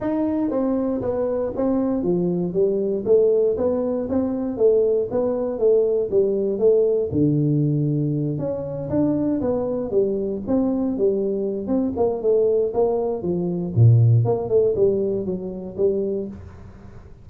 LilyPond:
\new Staff \with { instrumentName = "tuba" } { \time 4/4 \tempo 4 = 118 dis'4 c'4 b4 c'4 | f4 g4 a4 b4 | c'4 a4 b4 a4 | g4 a4 d2~ |
d8 cis'4 d'4 b4 g8~ | g8 c'4 g4. c'8 ais8 | a4 ais4 f4 ais,4 | ais8 a8 g4 fis4 g4 | }